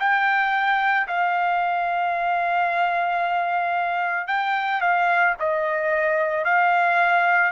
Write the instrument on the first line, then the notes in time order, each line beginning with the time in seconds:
trumpet
0.00 G5
1.07 F5
4.28 G5
4.81 F5
5.39 D#5
6.45 F5